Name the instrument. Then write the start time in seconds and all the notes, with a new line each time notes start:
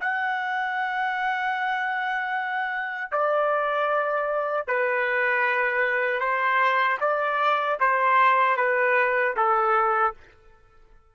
trumpet
0.00 F#5
3.11 D5
4.67 B4
6.20 C5
7.00 D5
7.80 C5
8.57 B4
9.36 A4